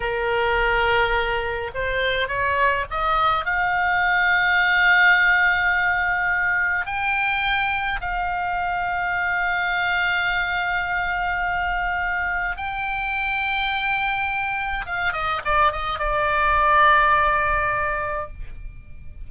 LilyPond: \new Staff \with { instrumentName = "oboe" } { \time 4/4 \tempo 4 = 105 ais'2. c''4 | cis''4 dis''4 f''2~ | f''1 | g''2 f''2~ |
f''1~ | f''2 g''2~ | g''2 f''8 dis''8 d''8 dis''8 | d''1 | }